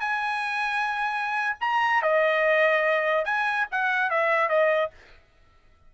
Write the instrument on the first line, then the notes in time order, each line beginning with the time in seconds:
trumpet
0.00 G#5
1.60 A#5
2.02 D#5
3.25 G#5
3.71 F#5
4.10 E5
4.48 D#5